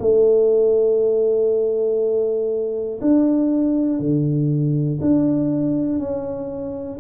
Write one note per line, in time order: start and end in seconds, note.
0.00 3.00 A3
3.01 4.00 D4
4.00 5.00 D3
5.01 5.99 D4
5.99 6.99 C#4